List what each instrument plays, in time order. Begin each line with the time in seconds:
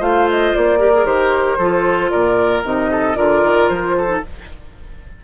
0.00 bassoon A3, clarinet F4, oboe C5, flute F5
0.31 flute D#5
0.55 bassoon A#3, flute D5
0.79 clarinet G4, oboe A#4
0.95 clarinet G#4
1.06 bassoon D#3, clarinet G4, flute C5
1.59 bassoon F3, clarinet F4, oboe A4
2.11 bassoon A#2, oboe A#4, flute D5
2.64 bassoon C3, clarinet D#4, flute D#5
2.92 oboe A4
3.16 bassoon D3, clarinet F4, oboe A#4, flute D5
3.45 bassoon D#3
3.69 bassoon F3, flute C5
3.98 oboe A4
4.07 clarinet D#4